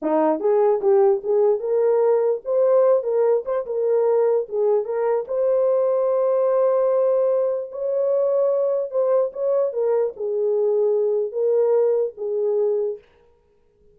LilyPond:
\new Staff \with { instrumentName = "horn" } { \time 4/4 \tempo 4 = 148 dis'4 gis'4 g'4 gis'4 | ais'2 c''4. ais'8~ | ais'8 c''8 ais'2 gis'4 | ais'4 c''2.~ |
c''2. cis''4~ | cis''2 c''4 cis''4 | ais'4 gis'2. | ais'2 gis'2 | }